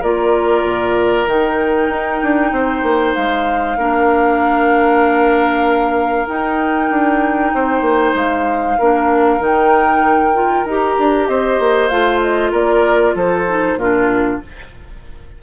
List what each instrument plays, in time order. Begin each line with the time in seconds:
0.00 bassoon A#3, clarinet F4, oboe A#4, flute D5
0.64 bassoon A#2
1.26 bassoon D#3, clarinet D#4, flute G5
1.89 bassoon D#4
2.22 bassoon D4
2.52 bassoon C4, oboe C5
2.82 bassoon A#3
3.14 bassoon G#3, flute F5
3.77 bassoon A#3, clarinet D4, oboe A#4
6.27 clarinet D#4, bassoon D#4, flute G5
6.90 bassoon D4
7.54 bassoon C4, oboe C5
7.81 bassoon A#3
8.14 bassoon G#3, flute F5
8.78 bassoon A#3, clarinet D4, oboe A#4
9.39 bassoon D#3, clarinet D#4, flute G5
10.33 clarinet F4
10.64 bassoon D#4, clarinet G4, flute A#5
10.98 bassoon D4
11.26 bassoon C4, oboe C5, flute D#5
11.59 bassoon A#3
11.88 bassoon A3, clarinet F4, flute F5
12.20 flute D#5
12.51 bassoon A#3, oboe A#4, flute D5
13.14 bassoon F3, oboe A4, flute C5
13.46 clarinet D#4
13.75 bassoon A#2, clarinet D4, oboe F4, flute A#4